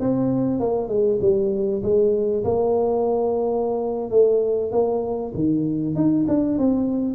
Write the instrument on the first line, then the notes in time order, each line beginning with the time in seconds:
tuba
0.00 C4
0.60 A#3
0.89 G#3
1.21 G3
1.83 G#3
2.45 A#3
4.11 A3
4.72 A#3
5.35 D#3
5.96 D#4
6.28 D4
6.59 C4